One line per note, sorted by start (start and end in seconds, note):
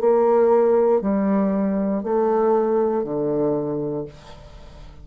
0.00 1.02 A#3
1.02 2.03 G3
2.03 3.04 A3
3.04 4.05 D3